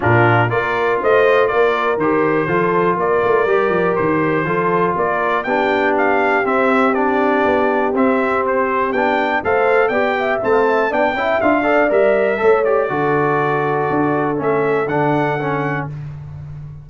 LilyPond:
<<
  \new Staff \with { instrumentName = "trumpet" } { \time 4/4 \tempo 4 = 121 ais'4 d''4 dis''4 d''4 | c''2 d''2 | c''2 d''4 g''4 | f''4 e''4 d''2 |
e''4 c''4 g''4 f''4 | g''4 a''4 g''4 f''4 | e''4. d''2~ d''8~ | d''4 e''4 fis''2 | }
  \new Staff \with { instrumentName = "horn" } { \time 4/4 f'4 ais'4 c''4 ais'4~ | ais'4 a'4 ais'2~ | ais'4 a'4 ais'4 g'4~ | g'1~ |
g'2. c''4 | d''8 e''8. f''16 e''8 d''8 e''4 d''8~ | d''4 cis''4 a'2~ | a'1 | }
  \new Staff \with { instrumentName = "trombone" } { \time 4/4 d'4 f'2. | g'4 f'2 g'4~ | g'4 f'2 d'4~ | d'4 c'4 d'2 |
c'2 d'4 a'4 | g'4 c'4 d'8 e'8 f'8 a'8 | ais'4 a'8 g'8 fis'2~ | fis'4 cis'4 d'4 cis'4 | }
  \new Staff \with { instrumentName = "tuba" } { \time 4/4 ais,4 ais4 a4 ais4 | dis4 f4 ais8 a8 g8 f8 | dis4 f4 ais4 b4~ | b4 c'2 b4 |
c'2 b4 a4 | b4 a4 b8 cis'8 d'4 | g4 a4 d2 | d'4 a4 d2 | }
>>